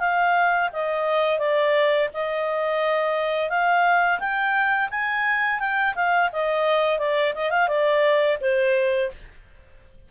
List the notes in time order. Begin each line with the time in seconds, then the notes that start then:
0.00 F5
0.73 D#5
1.39 D5
2.14 D#5
3.50 F5
4.20 G5
4.91 G#5
5.60 G5
5.95 F5
6.33 D#5
6.99 D5
7.35 D#5
7.51 F5
7.68 D5
8.41 C5